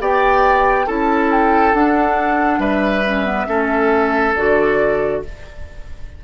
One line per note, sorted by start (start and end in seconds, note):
0.00 0.87 B3
0.00 0.87 G4
0.00 0.86 D5
0.00 0.88 G5
0.86 1.73 C#4
0.86 1.73 E4
0.86 2.60 A4
0.86 1.31 A5
1.31 1.75 G5
1.73 2.59 D4
1.73 3.04 D4
1.73 2.60 F#5
2.59 3.46 G3
2.59 3.47 B4
2.59 4.34 E5
3.05 3.25 C#4
3.25 3.47 B3
3.47 4.34 A3
3.47 4.34 C#4
3.47 5.22 A4
4.36 5.24 D3
4.36 5.24 F#4
4.36 5.22 D5